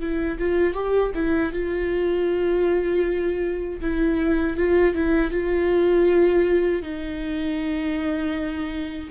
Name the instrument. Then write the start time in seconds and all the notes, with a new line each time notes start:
viola
0.00 E4
0.38 F4
0.74 G4
1.14 E4
1.52 F4
3.80 E4
4.57 F4
4.94 E4
5.31 F4
6.82 D#4